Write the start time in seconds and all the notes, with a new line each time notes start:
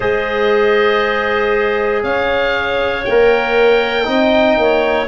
0.00 G#3 G#4 C5 D#5
2.03 C#4 C#5 F5
3.04 A#3 A#4 G5
4.04 C4 D#4 D#5
4.57 A#3 C#5